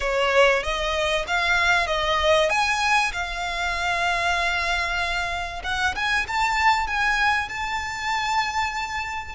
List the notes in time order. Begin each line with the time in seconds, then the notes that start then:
0.00 C#5
0.62 D#5
1.27 F5
1.87 D#5
2.49 G#5
3.12 F5
5.63 F#5
5.95 G#5
6.27 A5
6.87 G#5
7.48 A5